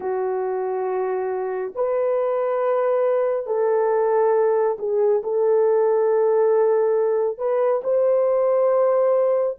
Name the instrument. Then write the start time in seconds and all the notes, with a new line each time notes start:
horn
0.00 F#4
1.75 B4
3.46 A4
4.78 G#4
5.23 A4
7.38 B4
7.83 C5